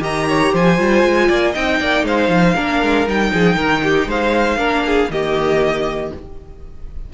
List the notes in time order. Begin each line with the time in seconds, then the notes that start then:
0.00 D#3 G4 D#5 A#5
0.28 C#5
0.53 F3 C5 G#5
0.77 G3 F4
1.03 G#3
1.28 A#3 D5
1.51 C4 D#4 D#5 G5
1.80 A#3 D5
2.03 G#3 C5 F5
2.28 F3
2.54 A#3 D4 A#4
2.82 G#3
3.07 G3 D#4 G5
3.33 F3 G#4
3.56 D#3 A#4
3.83 G4
4.06 G#3 C5 F5
4.57 A#3 D4 A#4
4.86 G#4
5.10 D#3 A#3 G4 D#5